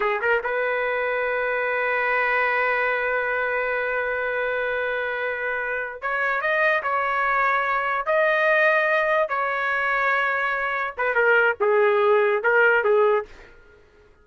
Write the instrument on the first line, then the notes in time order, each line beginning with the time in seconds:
trumpet
0.00 G#4
0.21 A#4
0.43 B4
6.01 C#5
6.41 D#5
6.83 C#5
8.06 D#5
9.28 C#5
10.97 B4
11.14 A#4
11.60 G#4
12.43 A#4
12.84 G#4